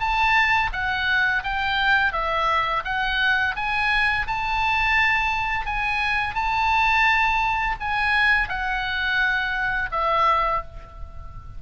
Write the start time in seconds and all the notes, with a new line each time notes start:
0.00 A5
0.73 F#5
1.44 G5
2.13 E5
2.85 F#5
3.56 G#5
4.27 A5
5.66 G#5
6.35 A5
7.81 G#5
8.49 F#5
9.92 E5